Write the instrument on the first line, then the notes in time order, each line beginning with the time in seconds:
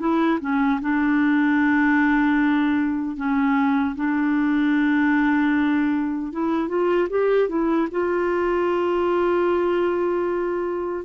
clarinet
0.00 E4
0.41 C#4
0.81 D4
3.17 C#4
3.96 D4
6.33 E4
6.69 F4
7.10 G4
7.49 E4
7.92 F4